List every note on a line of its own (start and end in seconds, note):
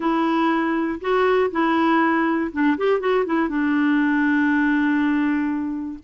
0.00 0.99 E4
1.00 1.50 F#4
1.51 2.51 E4
2.52 2.77 D4
2.77 3.00 G4
3.00 3.25 F#4
3.25 3.49 E4
3.49 5.99 D4